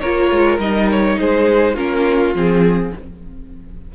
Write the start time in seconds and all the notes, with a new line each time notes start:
0.00 A#3 F4 A#4 C#5
0.32 G#3
0.58 G3 D#4 D#5
0.91 C#5
1.20 G#3 G#4 C5
1.74 A#3 C#4 F4 A#4
2.35 F3 C4 G#4